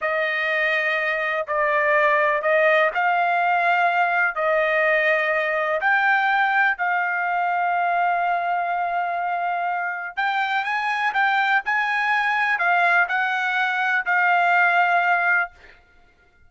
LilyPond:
\new Staff \with { instrumentName = "trumpet" } { \time 4/4 \tempo 4 = 124 dis''2. d''4~ | d''4 dis''4 f''2~ | f''4 dis''2. | g''2 f''2~ |
f''1~ | f''4 g''4 gis''4 g''4 | gis''2 f''4 fis''4~ | fis''4 f''2. | }